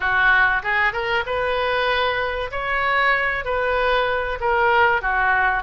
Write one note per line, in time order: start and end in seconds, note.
0.00 0.62 F#4
0.62 0.92 G#4
0.92 1.24 A#4
1.26 2.51 B4
2.51 3.45 C#5
3.45 4.38 B4
4.40 5.01 A#4
5.01 5.62 F#4